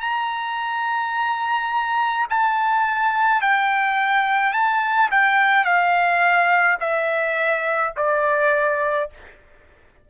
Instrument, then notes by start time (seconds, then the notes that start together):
trumpet
0.00 A#5
2.30 A5
3.41 G5
4.53 A5
5.10 G5
5.64 F5
6.80 E5
7.96 D5